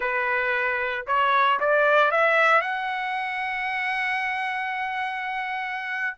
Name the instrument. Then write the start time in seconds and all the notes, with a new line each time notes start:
trumpet
0.00 B4
1.06 C#5
1.59 D5
2.11 E5
2.61 F#5